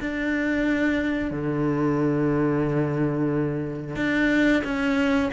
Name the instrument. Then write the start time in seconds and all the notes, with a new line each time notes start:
cello
0.00 D4
1.31 D3
3.96 D4
4.64 C#4